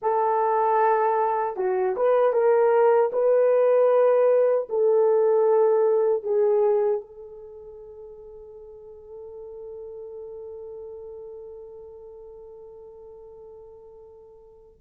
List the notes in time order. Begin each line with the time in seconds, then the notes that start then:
0.01 A4
1.56 F#4
1.96 B4
2.32 A#4
3.12 B4
4.69 A4
6.23 G#4
7.01 A4